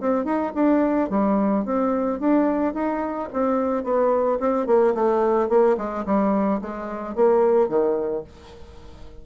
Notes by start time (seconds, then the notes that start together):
0.00 C4
0.25 D#4
0.54 D4
1.10 G3
1.65 C4
2.20 D4
2.74 D#4
3.33 C4
3.84 B3
4.40 C4
4.67 A#3
4.94 A3
5.49 A#3
5.77 G#3
6.06 G3
6.61 G#3
7.15 A#3
7.68 D#3